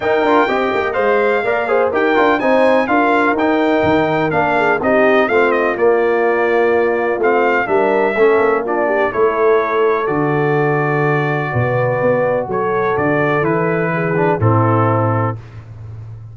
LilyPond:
<<
  \new Staff \with { instrumentName = "trumpet" } { \time 4/4 \tempo 4 = 125 g''2 f''2 | g''4 gis''4 f''4 g''4~ | g''4 f''4 dis''4 f''8 dis''8 | d''2. f''4 |
e''2 d''4 cis''4~ | cis''4 d''2.~ | d''2 cis''4 d''4 | b'2 a'2 | }
  \new Staff \with { instrumentName = "horn" } { \time 4/4 ais'4 dis''2 d''8 c''8 | ais'4 c''4 ais'2~ | ais'4. gis'8 g'4 f'4~ | f'1 |
ais'4 a'4 f'8 g'8 a'4~ | a'1 | b'2 a'2~ | a'4 gis'4 e'2 | }
  \new Staff \with { instrumentName = "trombone" } { \time 4/4 dis'8 f'8 g'4 c''4 ais'8 gis'8 | g'8 f'8 dis'4 f'4 dis'4~ | dis'4 d'4 dis'4 c'4 | ais2. c'4 |
d'4 cis'4 d'4 e'4~ | e'4 fis'2.~ | fis'1 | e'4. d'8 c'2 | }
  \new Staff \with { instrumentName = "tuba" } { \time 4/4 dis'8 d'8 c'8 ais8 gis4 ais4 | dis'8 d'8 c'4 d'4 dis'4 | dis4 ais4 c'4 a4 | ais2. a4 |
g4 a8 ais4. a4~ | a4 d2. | b,4 b4 fis4 d4 | e2 a,2 | }
>>